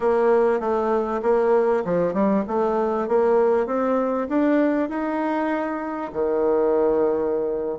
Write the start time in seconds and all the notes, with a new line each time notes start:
0.00 A#3
0.60 A3
1.22 A#3
1.85 F3
2.13 G3
2.47 A3
3.08 A#3
3.66 C4
4.29 D4
4.89 D#4
6.13 D#3